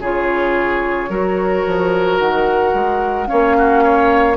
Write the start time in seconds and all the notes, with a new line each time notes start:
0.00 C#3 F4 G#4 C#5
1.09 F#3 F#4 A#4
1.67 F3
2.18 D#3 F#5
2.74 G#3
3.27 A#3 C#4 C#5 F5
3.58 F#4
3.84 C#5